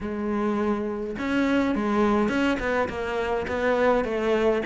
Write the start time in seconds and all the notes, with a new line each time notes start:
0.01 G#3
1.18 C#4
1.75 G#3
2.28 C#4
2.59 B3
2.88 A#3
3.47 B3
4.04 A3